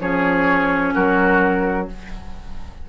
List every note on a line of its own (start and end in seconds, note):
0.00 0.94 F3
0.00 1.88 C#4
0.00 0.94 G#4
0.00 0.94 C#5
0.94 1.89 F#3
0.94 1.88 F#4
0.94 1.88 A#4